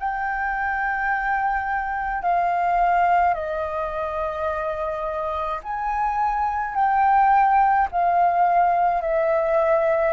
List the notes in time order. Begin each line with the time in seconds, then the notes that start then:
0.00 G5
2.23 F5
3.34 D#5
5.63 G#5
6.75 G5
7.92 F5
9.02 E5